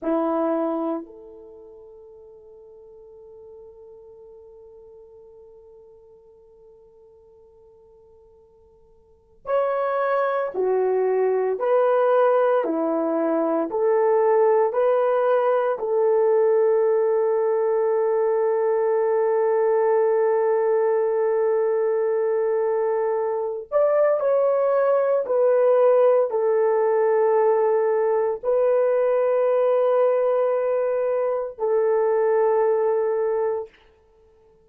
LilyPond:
\new Staff \with { instrumentName = "horn" } { \time 4/4 \tempo 4 = 57 e'4 a'2.~ | a'1~ | a'4 cis''4 fis'4 b'4 | e'4 a'4 b'4 a'4~ |
a'1~ | a'2~ a'8 d''8 cis''4 | b'4 a'2 b'4~ | b'2 a'2 | }